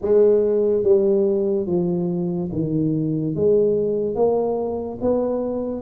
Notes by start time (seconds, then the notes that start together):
0.02 G#3
0.83 G3
1.66 F3
2.52 D#3
3.35 G#3
4.15 A#3
5.01 B3